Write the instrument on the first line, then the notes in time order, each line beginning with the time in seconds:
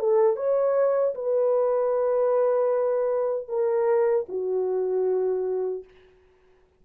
horn
0.00 A4
0.36 C#5
1.15 B4
3.49 A#4
4.29 F#4